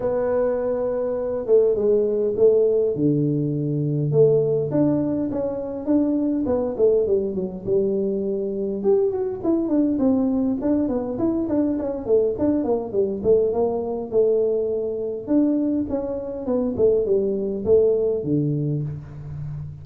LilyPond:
\new Staff \with { instrumentName = "tuba" } { \time 4/4 \tempo 4 = 102 b2~ b8 a8 gis4 | a4 d2 a4 | d'4 cis'4 d'4 b8 a8 | g8 fis8 g2 g'8 fis'8 |
e'8 d'8 c'4 d'8 b8 e'8 d'8 | cis'8 a8 d'8 ais8 g8 a8 ais4 | a2 d'4 cis'4 | b8 a8 g4 a4 d4 | }